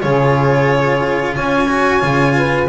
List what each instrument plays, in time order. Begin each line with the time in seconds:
0.00 double bass C#3, cello F4, saxophone G#4, violin C#5
1.34 double bass C#4, saxophone C#5, violin G#5
1.68 cello F#4
2.00 double bass C#3, cello F4
2.37 saxophone B4